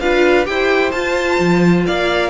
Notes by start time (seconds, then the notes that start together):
0.00 D4 F4 B4 F5
0.46 E4 G4 C5 G5
0.92 F4 A5
1.39 F3
1.87 A#3 D5 F5